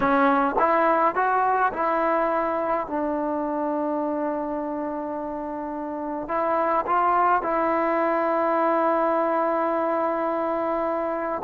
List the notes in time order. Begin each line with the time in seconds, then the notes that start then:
0.00 C#4
0.58 E4
1.15 F#4
1.73 E4
2.87 D4
6.28 E4
6.86 F4
7.42 E4